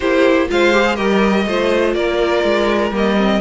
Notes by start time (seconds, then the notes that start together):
0.00 A#3 E4 G4 C5
0.48 G#3 F4 C5 F5
0.72 G4
0.84 G#4
0.95 G3 G4 A#4 D#5
1.46 A3 F4 C5
1.94 A#3 A#4 D5
2.44 G#3
2.91 G3 A#3 D#5
3.16 C4